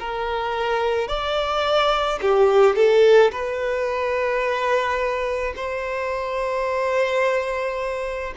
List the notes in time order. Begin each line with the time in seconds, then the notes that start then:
0.00 A#4
1.09 D5
2.22 G4
2.76 A4
3.32 B4
5.57 C5